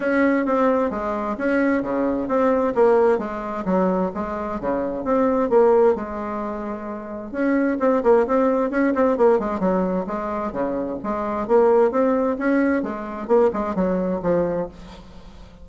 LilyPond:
\new Staff \with { instrumentName = "bassoon" } { \time 4/4 \tempo 4 = 131 cis'4 c'4 gis4 cis'4 | cis4 c'4 ais4 gis4 | fis4 gis4 cis4 c'4 | ais4 gis2. |
cis'4 c'8 ais8 c'4 cis'8 c'8 | ais8 gis8 fis4 gis4 cis4 | gis4 ais4 c'4 cis'4 | gis4 ais8 gis8 fis4 f4 | }